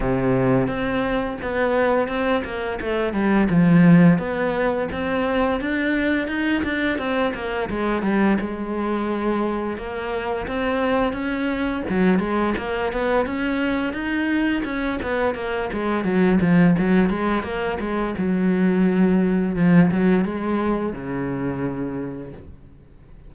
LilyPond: \new Staff \with { instrumentName = "cello" } { \time 4/4 \tempo 4 = 86 c4 c'4 b4 c'8 ais8 | a8 g8 f4 b4 c'4 | d'4 dis'8 d'8 c'8 ais8 gis8 g8 | gis2 ais4 c'4 |
cis'4 fis8 gis8 ais8 b8 cis'4 | dis'4 cis'8 b8 ais8 gis8 fis8 f8 | fis8 gis8 ais8 gis8 fis2 | f8 fis8 gis4 cis2 | }